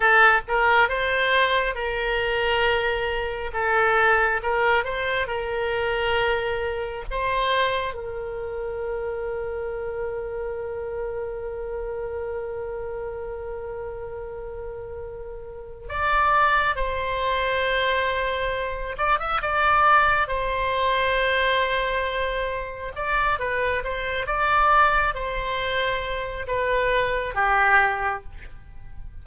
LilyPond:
\new Staff \with { instrumentName = "oboe" } { \time 4/4 \tempo 4 = 68 a'8 ais'8 c''4 ais'2 | a'4 ais'8 c''8 ais'2 | c''4 ais'2.~ | ais'1~ |
ais'2 d''4 c''4~ | c''4. d''16 e''16 d''4 c''4~ | c''2 d''8 b'8 c''8 d''8~ | d''8 c''4. b'4 g'4 | }